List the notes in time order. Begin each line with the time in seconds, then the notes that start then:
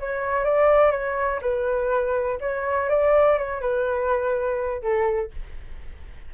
0.00 C#5
0.45 D5
0.92 C#5
1.42 B4
2.41 C#5
2.90 D5
3.38 C#5
3.61 B4
4.82 A4